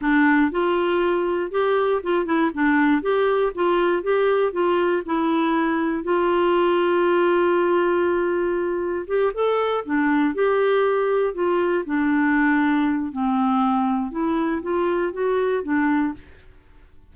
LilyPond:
\new Staff \with { instrumentName = "clarinet" } { \time 4/4 \tempo 4 = 119 d'4 f'2 g'4 | f'8 e'8 d'4 g'4 f'4 | g'4 f'4 e'2 | f'1~ |
f'2 g'8 a'4 d'8~ | d'8 g'2 f'4 d'8~ | d'2 c'2 | e'4 f'4 fis'4 d'4 | }